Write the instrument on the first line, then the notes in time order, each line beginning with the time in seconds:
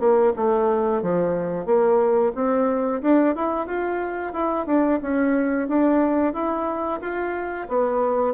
bassoon
0.00 A#3
0.36 A3
1.03 F3
1.66 A#3
2.35 C4
3.02 D4
3.36 E4
3.67 F4
4.33 E4
4.67 D4
5.02 C#4
5.69 D4
6.34 E4
7.02 F4
7.68 B3